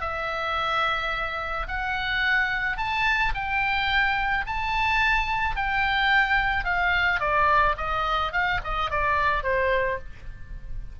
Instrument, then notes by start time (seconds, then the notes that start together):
oboe
0.00 E5
1.67 F#5
2.77 A5
3.34 G5
4.46 A5
5.55 G5
6.64 F5
7.19 D5
7.77 D#5
8.32 F5
8.64 D#5
8.90 D5
9.43 C5